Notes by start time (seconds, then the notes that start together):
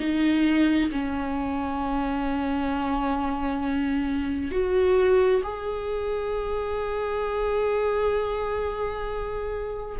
0.00 D#4
0.92 C#4
4.52 F#4
5.44 G#4